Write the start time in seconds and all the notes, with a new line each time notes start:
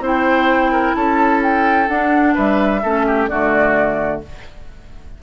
0.00 C4 E4 C5
0.07 G5
0.72 A#4
0.95 C#4 A4 A5
1.43 G5
1.88 D4 F#5
2.34 G3 B4 E5
2.83 A3 C#4 A4
3.06 G4
3.28 D3 A3 F#4 D5